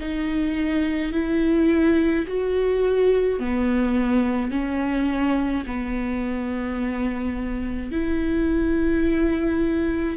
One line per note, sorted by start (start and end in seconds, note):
0.00 1.13 D#4
1.13 2.26 E4
2.28 3.40 F#4
3.40 4.51 B3
4.51 5.64 C#4
5.67 7.92 B3
7.92 10.17 E4